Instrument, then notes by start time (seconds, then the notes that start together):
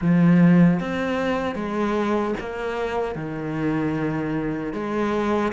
cello
0.01 F3
0.79 C4
1.55 G#3
2.40 A#3
3.15 D#3
4.73 G#3